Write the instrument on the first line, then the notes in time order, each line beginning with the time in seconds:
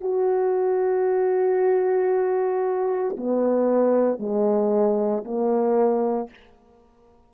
horn
0.00 F#4
3.17 B3
4.19 G#3
5.24 A#3